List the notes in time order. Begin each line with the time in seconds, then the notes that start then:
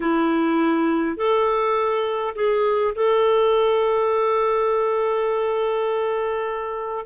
0.00 E4
1.16 A4
2.35 G#4
2.95 A4